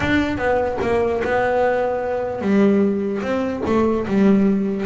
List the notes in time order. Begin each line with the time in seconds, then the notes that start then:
0.00 D4
0.37 B3
0.81 A#3
1.24 B3
2.41 G3
3.22 C4
3.66 A3
4.07 G3